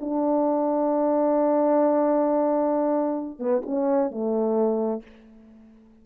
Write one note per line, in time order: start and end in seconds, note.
0.00 3.39 D4
3.39 3.62 B3
3.65 4.10 C#4
4.10 5.02 A3